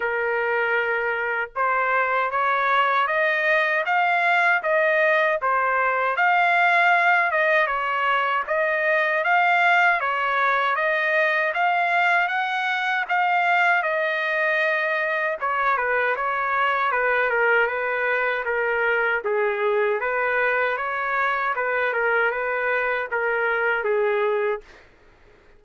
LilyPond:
\new Staff \with { instrumentName = "trumpet" } { \time 4/4 \tempo 4 = 78 ais'2 c''4 cis''4 | dis''4 f''4 dis''4 c''4 | f''4. dis''8 cis''4 dis''4 | f''4 cis''4 dis''4 f''4 |
fis''4 f''4 dis''2 | cis''8 b'8 cis''4 b'8 ais'8 b'4 | ais'4 gis'4 b'4 cis''4 | b'8 ais'8 b'4 ais'4 gis'4 | }